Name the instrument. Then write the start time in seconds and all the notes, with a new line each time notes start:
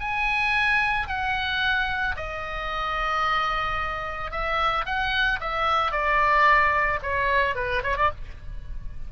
oboe
0.00 G#5
1.07 F#5
2.16 D#5
4.31 E5
4.86 F#5
5.40 E5
5.92 D5
7.02 C#5
7.55 B4
7.83 C#5
7.97 D5